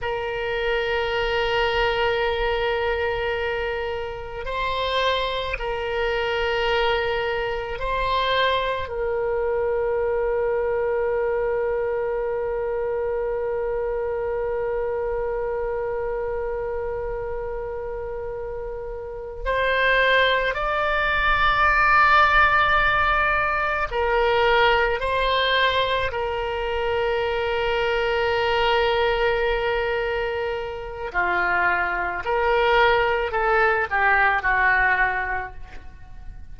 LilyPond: \new Staff \with { instrumentName = "oboe" } { \time 4/4 \tempo 4 = 54 ais'1 | c''4 ais'2 c''4 | ais'1~ | ais'1~ |
ais'4. c''4 d''4.~ | d''4. ais'4 c''4 ais'8~ | ais'1 | f'4 ais'4 a'8 g'8 fis'4 | }